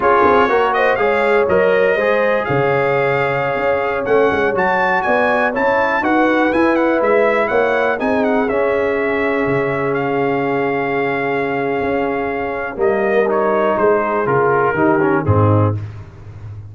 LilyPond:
<<
  \new Staff \with { instrumentName = "trumpet" } { \time 4/4 \tempo 4 = 122 cis''4. dis''8 f''4 dis''4~ | dis''4 f''2.~ | f''16 fis''4 a''4 gis''4 a''8.~ | a''16 fis''4 gis''8 fis''8 e''4 fis''8.~ |
fis''16 gis''8 fis''8 e''2~ e''8.~ | e''16 f''2.~ f''8.~ | f''2 dis''4 cis''4 | c''4 ais'2 gis'4 | }
  \new Staff \with { instrumentName = "horn" } { \time 4/4 gis'4 ais'8 c''8 cis''2 | c''4 cis''2.~ | cis''2~ cis''16 d''4 cis''8.~ | cis''16 b'2. cis''8.~ |
cis''16 gis'2.~ gis'8.~ | gis'1~ | gis'2 ais'2 | gis'2 g'4 dis'4 | }
  \new Staff \with { instrumentName = "trombone" } { \time 4/4 f'4 fis'4 gis'4 ais'4 | gis'1~ | gis'16 cis'4 fis'2 e'8.~ | e'16 fis'4 e'2~ e'8.~ |
e'16 dis'4 cis'2~ cis'8.~ | cis'1~ | cis'2 ais4 dis'4~ | dis'4 f'4 dis'8 cis'8 c'4 | }
  \new Staff \with { instrumentName = "tuba" } { \time 4/4 cis'8 c'8 ais4 gis4 fis4 | gis4 cis2~ cis16 cis'8.~ | cis'16 a8 gis8 fis4 b4 cis'8.~ | cis'16 dis'4 e'4 gis4 ais8.~ |
ais16 c'4 cis'2 cis8.~ | cis1 | cis'2 g2 | gis4 cis4 dis4 gis,4 | }
>>